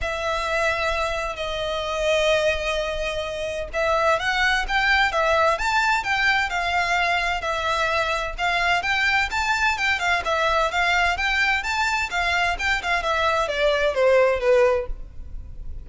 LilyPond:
\new Staff \with { instrumentName = "violin" } { \time 4/4 \tempo 4 = 129 e''2. dis''4~ | dis''1 | e''4 fis''4 g''4 e''4 | a''4 g''4 f''2 |
e''2 f''4 g''4 | a''4 g''8 f''8 e''4 f''4 | g''4 a''4 f''4 g''8 f''8 | e''4 d''4 c''4 b'4 | }